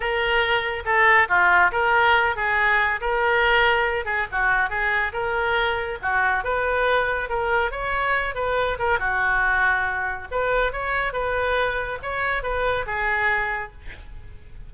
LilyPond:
\new Staff \with { instrumentName = "oboe" } { \time 4/4 \tempo 4 = 140 ais'2 a'4 f'4 | ais'4. gis'4. ais'4~ | ais'4. gis'8 fis'4 gis'4 | ais'2 fis'4 b'4~ |
b'4 ais'4 cis''4. b'8~ | b'8 ais'8 fis'2. | b'4 cis''4 b'2 | cis''4 b'4 gis'2 | }